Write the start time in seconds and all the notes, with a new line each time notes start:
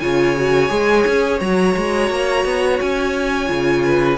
0.00 C#3 F4 C#5 G#5
0.36 F#4
0.69 G#3 G#4
1.07 C#4
1.41 F#3 F#4 A#5
1.77 G#3
2.11 A#3
2.45 B3
2.81 C#4 G#5
3.47 C#3 F4
3.86 B4